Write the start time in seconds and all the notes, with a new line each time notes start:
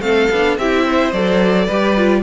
0.00 A3 C4 A4 F5
0.31 B3 D4
0.58 C4 E4 G4 E5
0.86 C5
1.12 F#3 A4 D5
1.65 G3 B4
1.72 G4
1.97 F4